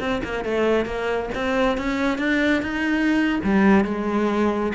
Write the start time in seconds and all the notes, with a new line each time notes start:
0.00 C4
0.24 A#3
0.45 A3
0.86 A#3
1.35 C4
1.78 C#4
2.18 D4
2.62 D#4
3.44 G3
3.85 G#3